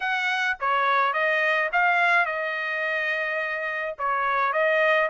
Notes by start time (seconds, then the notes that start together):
0.00 F#5
0.59 C#5
1.13 D#5
1.72 F5
2.25 D#5
3.98 C#5
4.52 D#5